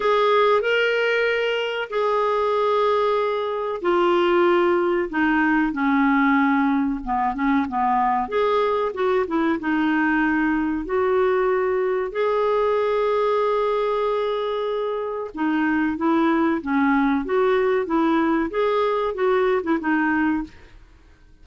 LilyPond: \new Staff \with { instrumentName = "clarinet" } { \time 4/4 \tempo 4 = 94 gis'4 ais'2 gis'4~ | gis'2 f'2 | dis'4 cis'2 b8 cis'8 | b4 gis'4 fis'8 e'8 dis'4~ |
dis'4 fis'2 gis'4~ | gis'1 | dis'4 e'4 cis'4 fis'4 | e'4 gis'4 fis'8. e'16 dis'4 | }